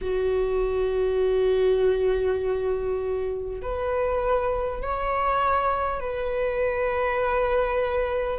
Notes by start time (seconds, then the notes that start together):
0.01 F#4
3.62 B4
4.82 C#5
6.00 B4